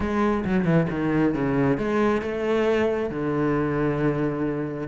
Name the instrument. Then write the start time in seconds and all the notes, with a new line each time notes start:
cello
0.00 G#3
0.44 F#3
0.64 E3
0.89 D#3
1.34 C#3
1.77 G#3
2.21 A3
3.10 D3